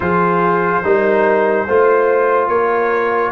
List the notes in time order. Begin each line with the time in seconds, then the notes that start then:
0.00 F3 F4 G#4 C5
0.83 G3 D#4 A#4
1.65 A3 F4 C5
2.48 A#3 A#4 C#5